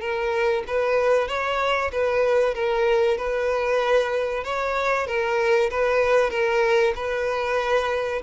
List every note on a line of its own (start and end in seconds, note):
0.00 0.63 A#4
0.67 1.28 B4
1.28 1.91 C#5
1.91 2.54 B4
2.54 3.18 A#4
3.18 4.44 B4
4.44 5.06 C#5
5.06 5.70 A#4
5.70 6.30 B4
6.30 6.93 A#4
6.95 8.22 B4